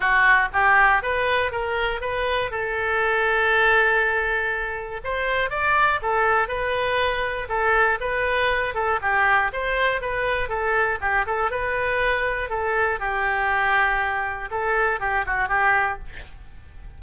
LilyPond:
\new Staff \with { instrumentName = "oboe" } { \time 4/4 \tempo 4 = 120 fis'4 g'4 b'4 ais'4 | b'4 a'2.~ | a'2 c''4 d''4 | a'4 b'2 a'4 |
b'4. a'8 g'4 c''4 | b'4 a'4 g'8 a'8 b'4~ | b'4 a'4 g'2~ | g'4 a'4 g'8 fis'8 g'4 | }